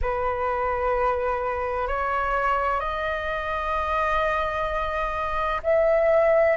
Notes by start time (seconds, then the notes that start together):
0.01 B4
1.87 C#5
2.80 D#5
5.62 E5